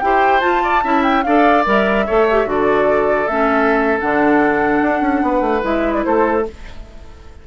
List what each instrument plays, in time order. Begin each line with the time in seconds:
0.00 bassoon E4, clarinet G4, oboe C5, flute G5
0.41 clarinet F4, bassoon F4, flute A5
0.63 oboe D5
0.83 bassoon C#4, clarinet E4, oboe E5
1.03 flute G5
1.23 bassoon D4, clarinet A4, oboe D5, flute F5
1.65 bassoon G3, clarinet A#4, flute E5
2.06 bassoon A3, clarinet A4, oboe C#5
2.31 clarinet G4
2.46 bassoon D3, clarinet F#4, oboe A4, flute D5
3.28 bassoon A3, clarinet C#4, flute E5
4.00 bassoon D3, clarinet D4, flute F#5
4.82 bassoon D4
5.01 bassoon C#4
5.23 bassoon B3, oboe B4
5.41 bassoon A3
5.62 bassoon G#3, clarinet E4, flute E5
5.93 flute D5
6.04 bassoon A3, oboe A4, flute C5